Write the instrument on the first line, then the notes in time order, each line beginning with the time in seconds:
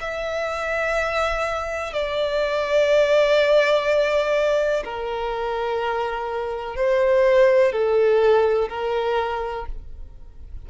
violin
0.00 E5
1.93 D5
4.84 A#4
6.75 C5
7.72 A4
8.69 A#4